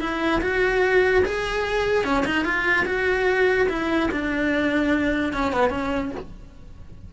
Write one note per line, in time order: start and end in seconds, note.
0.00 0.41 E4
0.41 1.23 F#4
1.25 2.04 G#4
2.04 2.25 C#4
2.25 2.45 D#4
2.45 2.85 F4
2.86 3.67 F#4
3.69 4.10 E4
4.11 5.33 D4
5.33 5.52 C#4
5.52 5.70 B3
5.70 6.11 C#4